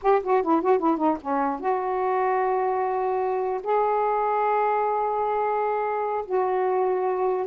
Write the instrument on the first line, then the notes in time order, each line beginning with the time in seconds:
saxophone
0.02 G4
0.23 F#4
0.42 E4
0.61 F#4
0.79 E4
0.97 D#4
1.21 C#4
1.60 F#4
3.63 G#4
6.25 F#4